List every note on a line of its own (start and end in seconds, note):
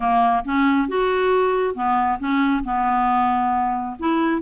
0.00 0.44 A#3
0.45 0.88 C#4
0.88 1.74 F#4
1.74 2.18 B3
2.19 2.63 C#4
2.64 3.96 B3
3.99 4.41 E4